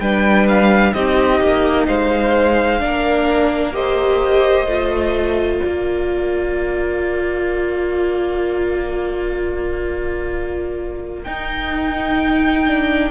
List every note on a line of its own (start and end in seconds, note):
0.00 0.94 G3
0.00 0.95 D4
0.00 0.95 B4
0.00 0.47 G5
0.48 0.93 F5
0.93 1.41 C4
0.93 2.80 D#4
0.93 1.87 G4
0.93 1.87 D#5
1.41 1.88 A#3
1.87 2.82 G#3
1.87 2.81 C5
1.87 3.75 F5
2.80 4.66 A#3
2.80 3.73 D4
2.80 3.75 A#4
3.73 4.66 G4
3.73 5.62 C5
3.73 5.62 D#5
4.66 5.60 A3
4.66 11.25 F4
5.62 11.26 A#3
5.62 13.11 A#4
5.62 11.24 D5
11.24 12.67 D#4
11.24 13.11 D#4
11.24 13.11 G5
12.67 13.11 D4